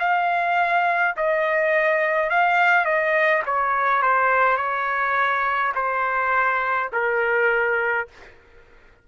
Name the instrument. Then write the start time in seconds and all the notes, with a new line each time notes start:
trumpet
0.00 F5
1.17 D#5
2.30 F5
2.85 D#5
3.46 C#5
4.03 C5
4.57 C#5
5.75 C5
6.93 A#4